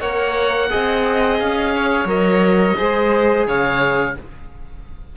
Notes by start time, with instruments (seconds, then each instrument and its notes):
0.00 cello A#3, trombone A#4, violin C#5, oboe F#5
0.70 cello C4, trombone G#4, violin D#5
1.39 cello C#4, oboe F5
1.76 violin C#5
2.05 cello F#3, trombone A#4, oboe D#5
2.77 cello G#3, trombone G#4, violin C5
3.47 cello C#3, violin C#5, oboe F5